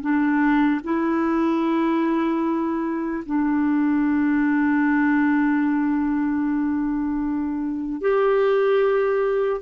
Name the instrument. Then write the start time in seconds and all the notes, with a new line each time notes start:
clarinet
0.00 D4
0.83 E4
3.25 D4
8.01 G4